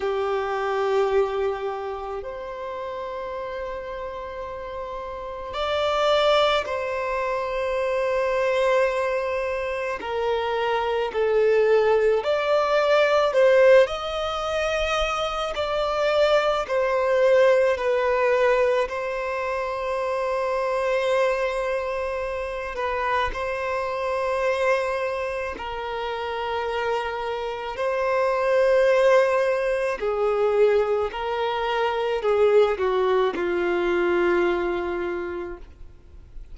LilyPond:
\new Staff \with { instrumentName = "violin" } { \time 4/4 \tempo 4 = 54 g'2 c''2~ | c''4 d''4 c''2~ | c''4 ais'4 a'4 d''4 | c''8 dis''4. d''4 c''4 |
b'4 c''2.~ | c''8 b'8 c''2 ais'4~ | ais'4 c''2 gis'4 | ais'4 gis'8 fis'8 f'2 | }